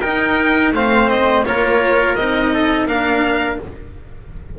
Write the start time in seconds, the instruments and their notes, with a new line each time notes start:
0.00 cello D#4, double bass D#4, trumpet A#4, violin G5
0.72 double bass A3, cello C4, trumpet C5, violin F5
1.09 violin D#5
1.45 double bass A#3, cello F4, trumpet A#4, violin C#5
2.15 double bass C4, cello D#4, violin D#5
2.53 trumpet A4
2.86 double bass A#3, cello D4, trumpet A#4, violin F5